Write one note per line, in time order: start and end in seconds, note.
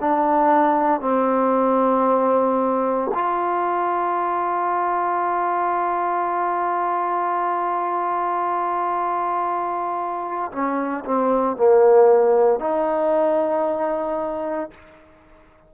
0.00 1.00 D4
1.00 3.11 C4
3.14 10.51 F4
10.52 11.04 C#4
11.05 11.56 C4
11.56 12.60 A#3
12.60 14.70 D#4